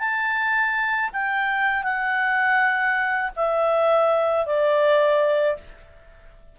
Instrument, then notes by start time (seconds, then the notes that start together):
clarinet
0.00 A5
1.13 G5
1.84 F#5
3.36 E5
4.46 D5